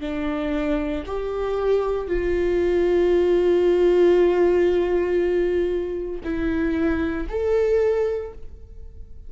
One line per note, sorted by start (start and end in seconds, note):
0.00 1.03 D4
1.06 2.07 G4
2.07 6.21 F4
6.24 7.27 E4
7.28 8.32 A4